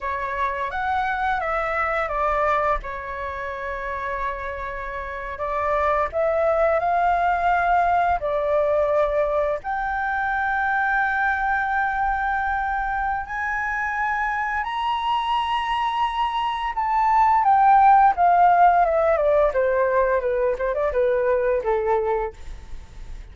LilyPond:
\new Staff \with { instrumentName = "flute" } { \time 4/4 \tempo 4 = 86 cis''4 fis''4 e''4 d''4 | cis''2.~ cis''8. d''16~ | d''8. e''4 f''2 d''16~ | d''4.~ d''16 g''2~ g''16~ |
g''2. gis''4~ | gis''4 ais''2. | a''4 g''4 f''4 e''8 d''8 | c''4 b'8 c''16 d''16 b'4 a'4 | }